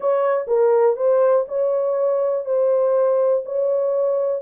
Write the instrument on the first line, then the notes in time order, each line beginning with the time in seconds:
horn
0.00 C#5
0.47 A#4
0.96 C5
1.48 C#5
2.45 C5
3.45 C#5